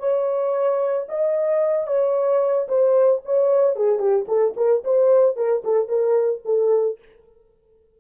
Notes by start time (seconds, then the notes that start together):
0.00 C#5
1.09 D#5
1.87 C#5
2.69 C5
3.26 C#5
3.76 G#4
4.00 G4
4.28 A4
4.57 A#4
4.85 C5
5.37 A#4
5.64 A4
5.89 A#4
6.46 A4